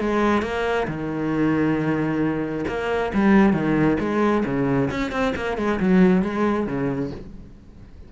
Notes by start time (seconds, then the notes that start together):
0.00 G#3
0.42 A#3
0.87 D#3
2.68 A#3
3.14 G3
3.53 D#3
4.00 G#3
4.45 C#3
4.91 C#4
5.12 C4
5.36 A#3
5.57 G#3
5.80 F#3
6.22 G#3
6.67 C#3